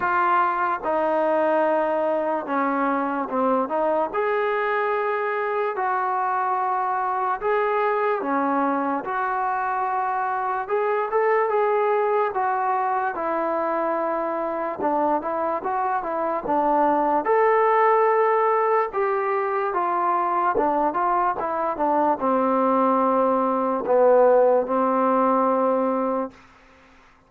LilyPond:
\new Staff \with { instrumentName = "trombone" } { \time 4/4 \tempo 4 = 73 f'4 dis'2 cis'4 | c'8 dis'8 gis'2 fis'4~ | fis'4 gis'4 cis'4 fis'4~ | fis'4 gis'8 a'8 gis'4 fis'4 |
e'2 d'8 e'8 fis'8 e'8 | d'4 a'2 g'4 | f'4 d'8 f'8 e'8 d'8 c'4~ | c'4 b4 c'2 | }